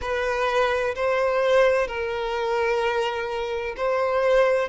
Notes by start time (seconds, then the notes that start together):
0.01 B4
0.95 C5
1.87 A#4
3.77 C5